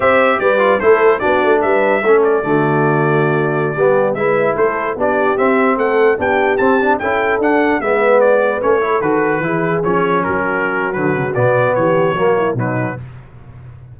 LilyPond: <<
  \new Staff \with { instrumentName = "trumpet" } { \time 4/4 \tempo 4 = 148 e''4 d''4 c''4 d''4 | e''4. d''2~ d''8~ | d''2~ d''16 e''4 c''8.~ | c''16 d''4 e''4 fis''4 g''8.~ |
g''16 a''4 g''4 fis''4 e''8.~ | e''16 d''4 cis''4 b'4.~ b'16~ | b'16 cis''4 ais'4.~ ais'16 b'4 | d''4 cis''2 b'4 | }
  \new Staff \with { instrumentName = "horn" } { \time 4/4 c''4 b'4 a'4 fis'4 | b'4 a'4 fis'2~ | fis'4~ fis'16 g'4 b'4 a'8.~ | a'16 g'2 a'4 g'8.~ |
g'4~ g'16 a'2 b'8.~ | b'4.~ b'16 a'4. gis'8.~ | gis'4~ gis'16 fis'2~ fis'8.~ | fis'4 g'4 fis'8 e'8 dis'4 | }
  \new Staff \with { instrumentName = "trombone" } { \time 4/4 g'4. f'8 e'4 d'4~ | d'4 cis'4 a2~ | a4~ a16 b4 e'4.~ e'16~ | e'16 d'4 c'2 d'8.~ |
d'16 c'8 d'8 e'4 d'4 b8.~ | b4~ b16 cis'8 e'8 fis'4 e'8.~ | e'16 cis'2~ cis'8. fis4 | b2 ais4 fis4 | }
  \new Staff \with { instrumentName = "tuba" } { \time 4/4 c'4 g4 a4 b8 a8 | g4 a4 d2~ | d4~ d16 g4 gis4 a8.~ | a16 b4 c'4 a4 b8.~ |
b16 c'4 cis'4 d'4 gis8.~ | gis4~ gis16 a4 dis4 e8.~ | e16 f4 fis4.~ fis16 d8 cis8 | b,4 e4 fis4 b,4 | }
>>